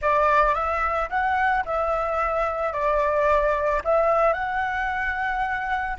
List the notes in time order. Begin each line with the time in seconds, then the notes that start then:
0.01 D5
0.54 E5
1.09 F#5
1.65 E5
2.72 D5
3.84 E5
4.33 F#5